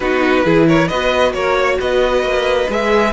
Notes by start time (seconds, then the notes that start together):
0.00 B3 D#4 F#4 B4
0.44 E3 E4 G#4
0.67 A#4 C#5
0.88 B3 F#4 B4 D#5
1.33 A#3 A#4 C#5
1.57 C#5
1.79 B3 B4 D#5
2.22 A#3
2.69 G#3 G#4 E5